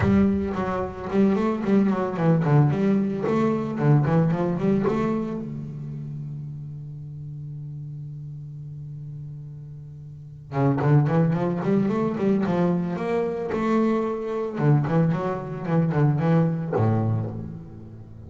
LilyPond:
\new Staff \with { instrumentName = "double bass" } { \time 4/4 \tempo 4 = 111 g4 fis4 g8 a8 g8 fis8 | e8 d8 g4 a4 d8 e8 | f8 g8 a4 d2~ | d1~ |
d2.~ d8 cis8 | d8 e8 f8 g8 a8 g8 f4 | ais4 a2 d8 e8 | fis4 e8 d8 e4 a,4 | }